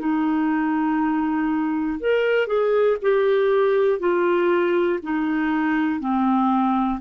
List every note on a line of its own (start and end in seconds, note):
0.00 2.00 D#4
2.00 2.48 A#4
2.48 2.98 G#4
3.02 4.00 G4
4.00 5.00 F4
5.03 6.00 D#4
6.00 7.00 C4